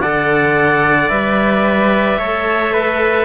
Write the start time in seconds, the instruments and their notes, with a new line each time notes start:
0.00 cello D3 A4, trumpet D5, clarinet F#5
1.09 cello G3 B4, clarinet E5
2.17 cello A3 A4, trumpet C#5
2.73 trumpet B4